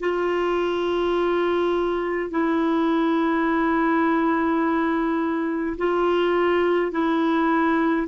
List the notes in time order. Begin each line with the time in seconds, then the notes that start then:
0.00 F4
2.30 E4
5.78 F4
6.92 E4